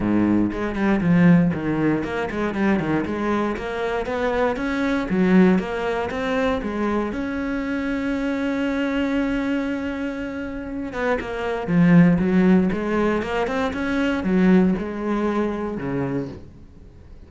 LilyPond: \new Staff \with { instrumentName = "cello" } { \time 4/4 \tempo 4 = 118 gis,4 gis8 g8 f4 dis4 | ais8 gis8 g8 dis8 gis4 ais4 | b4 cis'4 fis4 ais4 | c'4 gis4 cis'2~ |
cis'1~ | cis'4. b8 ais4 f4 | fis4 gis4 ais8 c'8 cis'4 | fis4 gis2 cis4 | }